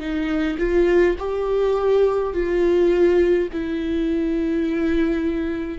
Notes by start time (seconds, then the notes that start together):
0.00 D#4
0.58 F4
1.19 G4
2.33 F4
3.52 E4